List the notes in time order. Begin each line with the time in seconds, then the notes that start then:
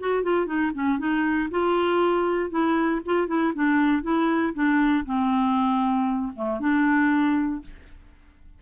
0.00 F#4
0.23 F4
0.46 D#4
0.74 C#4
0.99 D#4
1.50 F4
2.50 E4
3.05 F4
3.28 E4
3.55 D4
4.03 E4
4.54 D4
5.05 C4
6.36 A3
6.60 D4